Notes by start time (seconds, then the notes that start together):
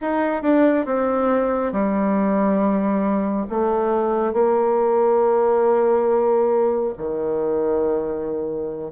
0.01 D#4
0.42 D4
0.85 C4
1.72 G3
3.49 A3
4.33 A#3
6.97 D#3